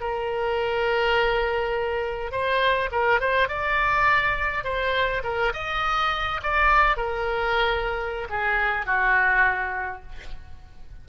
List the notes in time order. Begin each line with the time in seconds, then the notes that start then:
0.00 A#4
2.31 C5
2.92 A#4
3.20 C5
3.48 D5
4.64 C5
5.23 A#4
5.53 D#5
6.43 D5
6.97 A#4
8.30 G#4
8.86 F#4